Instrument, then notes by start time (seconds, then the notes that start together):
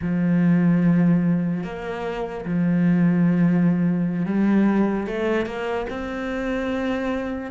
cello
0.01 F3
1.63 A#3
2.45 F3
4.25 G3
5.06 A3
5.45 A#3
5.89 C4